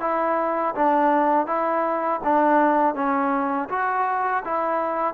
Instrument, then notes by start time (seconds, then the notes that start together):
trombone
0.00 E4
0.75 D4
1.46 E4
2.23 D4
2.94 C#4
3.69 F#4
4.44 E4